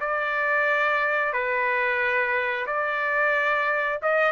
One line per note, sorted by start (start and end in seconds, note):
0.00 1.32 D5
1.32 2.66 B4
2.66 3.99 D5
4.02 4.32 D#5